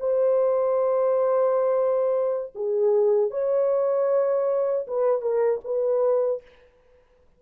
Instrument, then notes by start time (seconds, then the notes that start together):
horn
0.00 C5
2.55 G#4
3.31 C#5
4.87 B4
5.21 A#4
5.65 B4